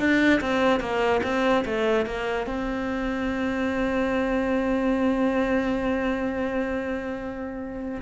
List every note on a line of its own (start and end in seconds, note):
0.00 0.41 D4
0.41 0.80 C4
0.80 1.21 A#3
1.24 1.65 C4
1.66 2.06 A3
2.06 2.47 A#3
2.47 8.01 C4